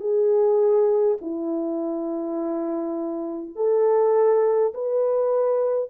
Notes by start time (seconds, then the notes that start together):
0.00 G#4
1.21 E4
3.55 A4
4.74 B4